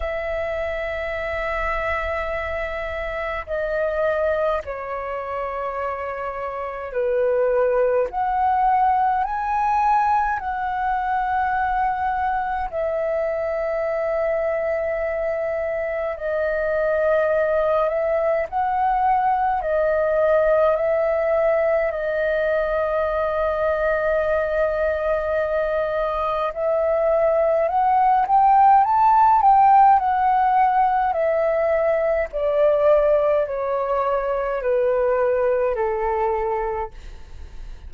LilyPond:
\new Staff \with { instrumentName = "flute" } { \time 4/4 \tempo 4 = 52 e''2. dis''4 | cis''2 b'4 fis''4 | gis''4 fis''2 e''4~ | e''2 dis''4. e''8 |
fis''4 dis''4 e''4 dis''4~ | dis''2. e''4 | fis''8 g''8 a''8 g''8 fis''4 e''4 | d''4 cis''4 b'4 a'4 | }